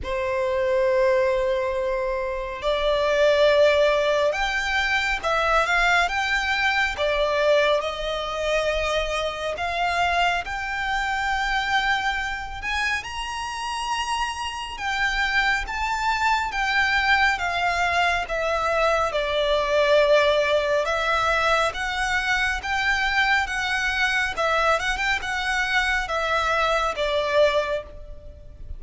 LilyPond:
\new Staff \with { instrumentName = "violin" } { \time 4/4 \tempo 4 = 69 c''2. d''4~ | d''4 g''4 e''8 f''8 g''4 | d''4 dis''2 f''4 | g''2~ g''8 gis''8 ais''4~ |
ais''4 g''4 a''4 g''4 | f''4 e''4 d''2 | e''4 fis''4 g''4 fis''4 | e''8 fis''16 g''16 fis''4 e''4 d''4 | }